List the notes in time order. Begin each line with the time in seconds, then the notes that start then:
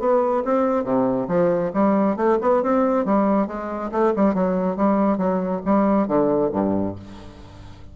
0.00 B3
0.45 C4
0.84 C3
1.28 F3
1.74 G3
2.17 A3
2.42 B3
2.63 C4
3.05 G3
3.47 G#3
3.92 A3
4.16 G3
4.35 F#3
4.77 G3
5.18 F#3
5.65 G3
6.08 D3
6.52 G2